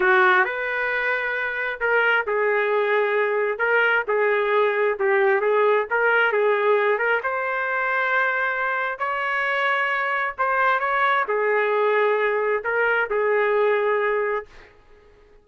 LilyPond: \new Staff \with { instrumentName = "trumpet" } { \time 4/4 \tempo 4 = 133 fis'4 b'2. | ais'4 gis'2. | ais'4 gis'2 g'4 | gis'4 ais'4 gis'4. ais'8 |
c''1 | cis''2. c''4 | cis''4 gis'2. | ais'4 gis'2. | }